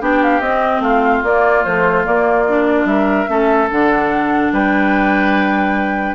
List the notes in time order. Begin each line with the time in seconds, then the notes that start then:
0.00 B3 D4 G4 G5
0.23 F5
0.40 C4 D#5
0.79 A3 F4 F5
1.23 A#3 D5
1.64 F3 A3 C5
2.04 A#3 D5
2.48 D4
2.84 G3 A#4 E5
3.27 A3 C#4 A4
3.70 D3 D4 F#5
4.52 G3 B4 G5